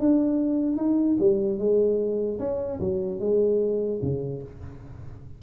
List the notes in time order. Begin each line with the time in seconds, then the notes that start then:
0.00 D4
0.77 D#4
1.20 G3
1.59 G#3
2.39 C#4
2.80 F#3
3.20 G#3
4.02 C#3